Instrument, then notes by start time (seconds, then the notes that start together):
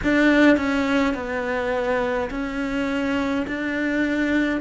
cello
0.03 D4
0.56 C#4
1.14 B3
2.30 C#4
3.47 D4